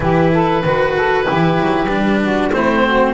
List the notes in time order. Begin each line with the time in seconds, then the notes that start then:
0.00 E3 E4 G4 B4
0.32 A4
0.63 D#3 F#4 B4
0.96 A4
1.23 E4 G4
1.30 E3
1.59 F#3
1.87 G3 D4
2.22 F#4
2.52 A3 C4 E4 C5
2.84 F#4